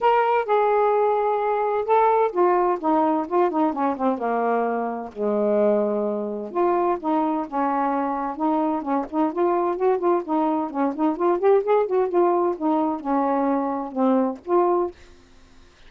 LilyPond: \new Staff \with { instrumentName = "saxophone" } { \time 4/4 \tempo 4 = 129 ais'4 gis'2. | a'4 f'4 dis'4 f'8 dis'8 | cis'8 c'8 ais2 gis4~ | gis2 f'4 dis'4 |
cis'2 dis'4 cis'8 dis'8 | f'4 fis'8 f'8 dis'4 cis'8 dis'8 | f'8 g'8 gis'8 fis'8 f'4 dis'4 | cis'2 c'4 f'4 | }